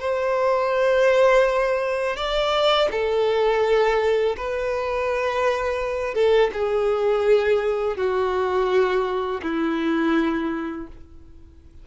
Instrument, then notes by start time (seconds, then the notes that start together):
violin
0.00 C5
2.16 D5
2.91 A4
4.37 B4
6.14 A4
6.53 G#4
7.96 F#4
9.43 E4